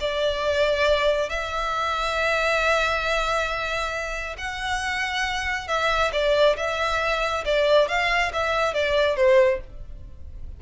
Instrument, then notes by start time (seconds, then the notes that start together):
violin
0.00 D5
1.29 E5
4.38 F#5
5.67 E5
6.12 D5
6.56 E5
7.45 D5
7.88 F5
8.33 E5
8.73 D5
9.16 C5